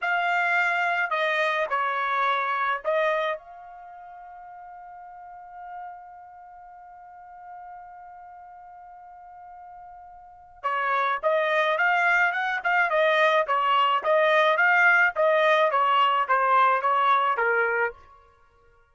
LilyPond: \new Staff \with { instrumentName = "trumpet" } { \time 4/4 \tempo 4 = 107 f''2 dis''4 cis''4~ | cis''4 dis''4 f''2~ | f''1~ | f''1~ |
f''2. cis''4 | dis''4 f''4 fis''8 f''8 dis''4 | cis''4 dis''4 f''4 dis''4 | cis''4 c''4 cis''4 ais'4 | }